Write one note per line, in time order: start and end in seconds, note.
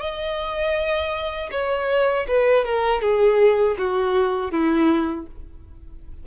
0.00 1.50 D#5
1.51 2.26 C#5
2.28 2.65 B4
2.65 3.01 A#4
3.01 3.76 G#4
3.78 4.51 F#4
4.51 5.26 E4